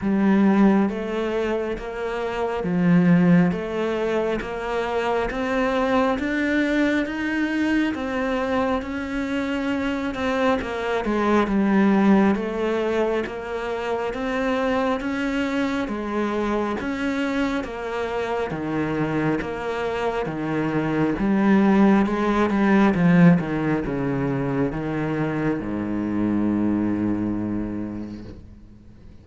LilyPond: \new Staff \with { instrumentName = "cello" } { \time 4/4 \tempo 4 = 68 g4 a4 ais4 f4 | a4 ais4 c'4 d'4 | dis'4 c'4 cis'4. c'8 | ais8 gis8 g4 a4 ais4 |
c'4 cis'4 gis4 cis'4 | ais4 dis4 ais4 dis4 | g4 gis8 g8 f8 dis8 cis4 | dis4 gis,2. | }